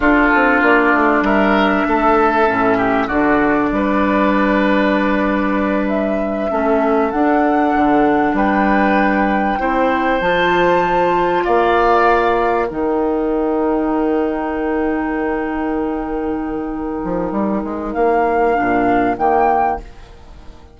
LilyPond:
<<
  \new Staff \with { instrumentName = "flute" } { \time 4/4 \tempo 4 = 97 a'4 d''4 e''2~ | e''4 d''2.~ | d''4. e''2 fis''8~ | fis''4. g''2~ g''8~ |
g''8 a''2 f''4.~ | f''8 g''2.~ g''8~ | g''1~ | g''4 f''2 g''4 | }
  \new Staff \with { instrumentName = "oboe" } { \time 4/4 f'2 ais'4 a'4~ | a'8 g'8 fis'4 b'2~ | b'2~ b'8 a'4.~ | a'4. b'2 c''8~ |
c''2~ c''8 d''4.~ | d''8 ais'2.~ ais'8~ | ais'1~ | ais'1 | }
  \new Staff \with { instrumentName = "clarinet" } { \time 4/4 d'1 | cis'4 d'2.~ | d'2~ d'8 cis'4 d'8~ | d'2.~ d'8 e'8~ |
e'8 f'2.~ f'8~ | f'8 dis'2.~ dis'8~ | dis'1~ | dis'2 d'4 ais4 | }
  \new Staff \with { instrumentName = "bassoon" } { \time 4/4 d'8 c'8 ais8 a8 g4 a4 | a,4 d4 g2~ | g2~ g8 a4 d'8~ | d'8 d4 g2 c'8~ |
c'8 f2 ais4.~ | ais8 dis2.~ dis8~ | dis2.~ dis8 f8 | g8 gis8 ais4 ais,4 dis4 | }
>>